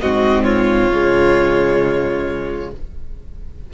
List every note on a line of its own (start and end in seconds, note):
0.00 0.89 G#2
0.00 0.91 C4
0.00 0.43 F#4
0.00 0.43 D#5
0.43 2.70 F4
0.43 2.70 C#5
0.89 2.71 C#3
0.89 2.73 G#3